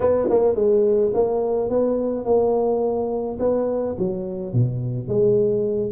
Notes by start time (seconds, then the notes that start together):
0.00 B3
0.29 A#3
0.55 G#3
1.14 A#3
1.69 B3
2.24 A#3
3.39 B3
3.98 F#3
4.53 B2
5.07 G#3